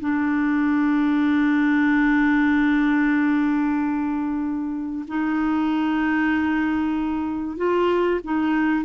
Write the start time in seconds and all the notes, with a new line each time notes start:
0.00 D4
5.08 D#4
7.57 F4
8.24 D#4